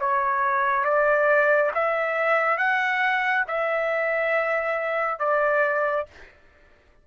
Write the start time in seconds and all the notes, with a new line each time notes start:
0.00 C#5
0.85 D5
1.75 E5
2.58 F#5
3.47 E5
5.19 D5